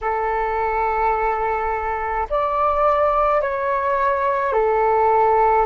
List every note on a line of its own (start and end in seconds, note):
0.01 2.27 A4
2.30 3.41 D5
3.41 4.53 C#5
4.53 5.66 A4